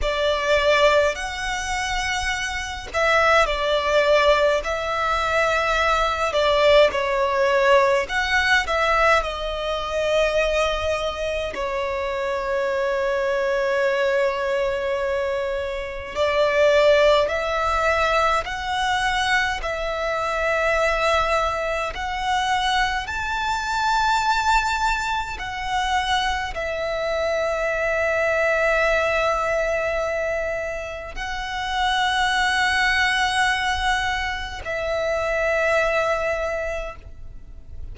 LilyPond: \new Staff \with { instrumentName = "violin" } { \time 4/4 \tempo 4 = 52 d''4 fis''4. e''8 d''4 | e''4. d''8 cis''4 fis''8 e''8 | dis''2 cis''2~ | cis''2 d''4 e''4 |
fis''4 e''2 fis''4 | a''2 fis''4 e''4~ | e''2. fis''4~ | fis''2 e''2 | }